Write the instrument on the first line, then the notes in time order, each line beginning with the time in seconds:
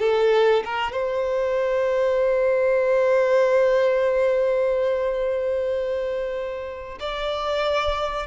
violin
0.00 A4
0.65 A#4
0.93 C5
7.00 D5